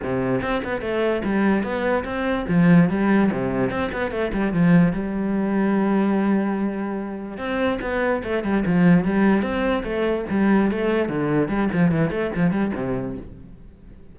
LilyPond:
\new Staff \with { instrumentName = "cello" } { \time 4/4 \tempo 4 = 146 c4 c'8 b8 a4 g4 | b4 c'4 f4 g4 | c4 c'8 b8 a8 g8 f4 | g1~ |
g2 c'4 b4 | a8 g8 f4 g4 c'4 | a4 g4 a4 d4 | g8 f8 e8 a8 f8 g8 c4 | }